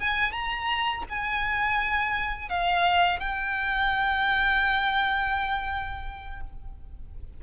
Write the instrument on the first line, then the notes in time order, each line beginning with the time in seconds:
violin
0.00 G#5
0.32 A#5
1.09 G#5
2.49 F5
3.19 G5